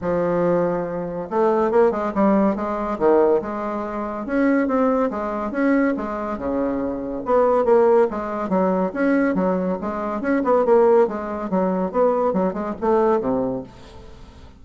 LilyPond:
\new Staff \with { instrumentName = "bassoon" } { \time 4/4 \tempo 4 = 141 f2. a4 | ais8 gis8 g4 gis4 dis4 | gis2 cis'4 c'4 | gis4 cis'4 gis4 cis4~ |
cis4 b4 ais4 gis4 | fis4 cis'4 fis4 gis4 | cis'8 b8 ais4 gis4 fis4 | b4 fis8 gis8 a4 c4 | }